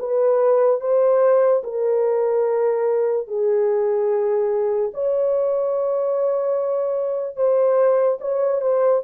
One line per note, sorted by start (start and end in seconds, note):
0.00 0.81 B4
0.81 1.63 C5
1.64 3.28 A#4
3.28 4.92 G#4
4.94 7.37 C#5
7.37 8.19 C5
8.21 8.62 C#5
8.62 9.03 C5